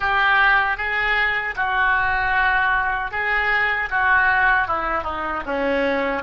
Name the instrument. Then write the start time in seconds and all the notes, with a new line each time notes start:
oboe
0.00 G4
0.77 G#4
1.55 F#4
3.11 G#4
3.90 F#4
4.67 E4
5.03 D#4
5.46 C#4